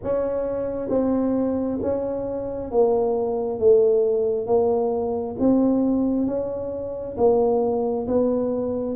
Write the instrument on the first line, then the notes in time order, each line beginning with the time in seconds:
tuba
0.03 C#4
0.89 C4
1.82 C#4
2.71 A#3
3.59 A3
4.46 A#3
5.39 C4
6.26 C#4
7.17 A#3
8.07 B3